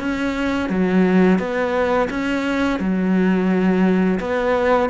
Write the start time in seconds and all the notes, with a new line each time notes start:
0.00 C#4
0.70 F#3
1.40 B3
2.10 C#4
2.80 F#3
4.20 B3